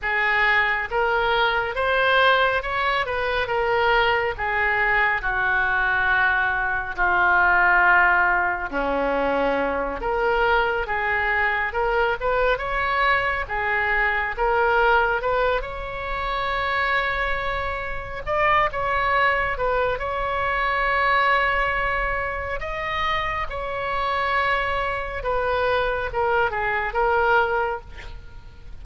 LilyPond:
\new Staff \with { instrumentName = "oboe" } { \time 4/4 \tempo 4 = 69 gis'4 ais'4 c''4 cis''8 b'8 | ais'4 gis'4 fis'2 | f'2 cis'4. ais'8~ | ais'8 gis'4 ais'8 b'8 cis''4 gis'8~ |
gis'8 ais'4 b'8 cis''2~ | cis''4 d''8 cis''4 b'8 cis''4~ | cis''2 dis''4 cis''4~ | cis''4 b'4 ais'8 gis'8 ais'4 | }